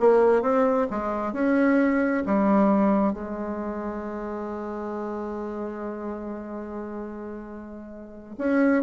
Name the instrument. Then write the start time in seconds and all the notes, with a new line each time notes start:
bassoon
0.00 A#3
0.42 C4
0.90 G#3
1.33 C#4
2.26 G3
3.13 G#3
8.38 C#4